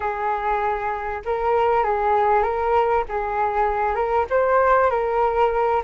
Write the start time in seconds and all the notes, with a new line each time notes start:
0.00 G#4
1.25 A#4
1.83 G#4
2.42 A#4
3.08 G#4
3.95 A#4
4.30 C5
4.90 A#4